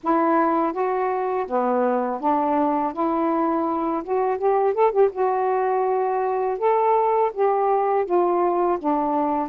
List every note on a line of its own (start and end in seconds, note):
0.03 0.73 E4
0.73 1.46 F#4
1.47 2.20 B3
2.20 2.93 D4
2.93 4.03 E4
4.03 4.38 F#4
4.38 4.74 G4
4.74 4.91 A4
4.91 5.09 G4
5.12 6.58 F#4
6.58 7.31 A4
7.33 8.05 G4
8.05 8.78 F4
8.78 9.49 D4